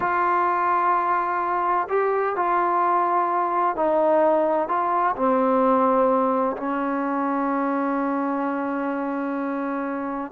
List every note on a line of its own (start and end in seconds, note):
0.00 1.87 F4
1.89 2.35 G4
2.36 3.75 F4
3.75 4.68 D#4
4.68 5.15 F4
5.16 6.56 C4
6.56 10.31 C#4